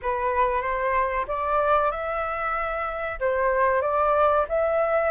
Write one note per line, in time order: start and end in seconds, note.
0.01 0.61 B4
0.61 1.25 C5
1.27 1.91 D5
1.91 3.19 E5
3.19 3.82 C5
3.82 4.45 D5
4.49 5.11 E5